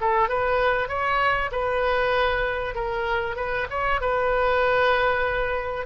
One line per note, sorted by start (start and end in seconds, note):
0.00 0.28 A4
0.28 0.88 B4
0.88 1.50 C#5
1.51 2.74 B4
2.74 3.36 A#4
3.36 3.67 B4
3.70 4.00 C#5
4.00 5.86 B4